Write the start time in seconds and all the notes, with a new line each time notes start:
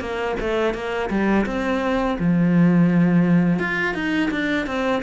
0.00 A#3
0.40 A3
0.74 A#3
1.10 G3
1.46 C4
2.19 F3
3.60 F4
3.94 D#4
4.31 D4
4.67 C4